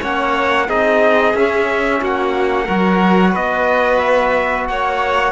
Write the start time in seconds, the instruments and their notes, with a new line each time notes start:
0.00 cello A#3, trombone C#4, violin C#5, trumpet F#5
0.67 cello C4, trombone D#4, violin G#4, trumpet D#5
1.34 cello C#4, trombone C#4, trumpet E5
2.01 cello A#3, violin F#4, trumpet F#5
2.65 cello F#3, trombone F#4, violin A#4
3.31 cello B3, violin B4, trumpet D#5
3.99 trumpet E5
4.67 cello A#3, violin C#5, trumpet F#5